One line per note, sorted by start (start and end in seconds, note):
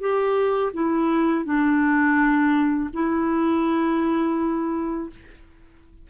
0.00 0.72 G4
0.73 1.45 E4
1.45 2.89 D4
2.93 5.10 E4